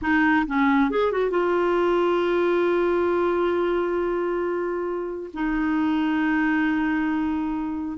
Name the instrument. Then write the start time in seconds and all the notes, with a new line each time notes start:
clarinet
0.01 D#4
0.47 C#4
0.90 G#4
1.11 F#4
1.30 F4
5.33 D#4